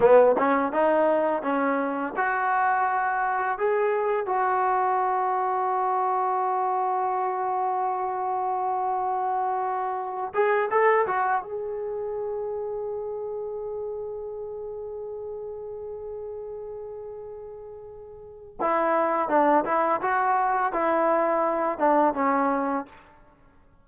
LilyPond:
\new Staff \with { instrumentName = "trombone" } { \time 4/4 \tempo 4 = 84 b8 cis'8 dis'4 cis'4 fis'4~ | fis'4 gis'4 fis'2~ | fis'1~ | fis'2~ fis'8 gis'8 a'8 fis'8 |
gis'1~ | gis'1~ | gis'2 e'4 d'8 e'8 | fis'4 e'4. d'8 cis'4 | }